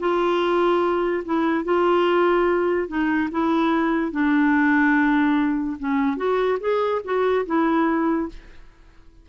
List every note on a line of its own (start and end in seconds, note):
0.00 1.24 F4
1.25 1.65 E4
1.65 2.88 F4
2.88 3.30 D#4
3.32 4.12 E4
4.12 5.78 D4
5.80 6.17 C#4
6.17 6.59 F#4
6.61 7.02 G#4
7.05 7.46 F#4
7.47 8.29 E4